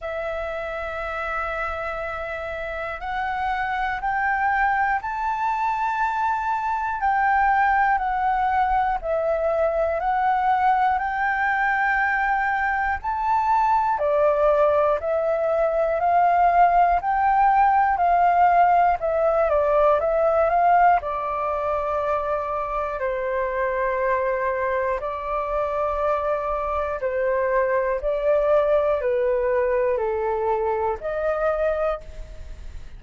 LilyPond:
\new Staff \with { instrumentName = "flute" } { \time 4/4 \tempo 4 = 60 e''2. fis''4 | g''4 a''2 g''4 | fis''4 e''4 fis''4 g''4~ | g''4 a''4 d''4 e''4 |
f''4 g''4 f''4 e''8 d''8 | e''8 f''8 d''2 c''4~ | c''4 d''2 c''4 | d''4 b'4 a'4 dis''4 | }